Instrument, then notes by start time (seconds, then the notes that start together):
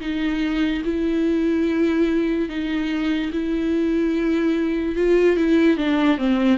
viola
0.00 D#4
0.84 E4
2.48 D#4
3.32 E4
4.95 F4
5.36 E4
5.77 D4
6.18 C4